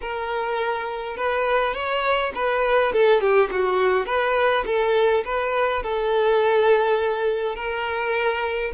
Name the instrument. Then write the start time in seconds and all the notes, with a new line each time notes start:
violin
0.01 A#4
1.17 B4
1.74 C#5
2.35 B4
2.93 A4
3.20 G4
3.51 F#4
4.06 B4
4.65 A4
5.24 B4
5.82 A4
7.55 A#4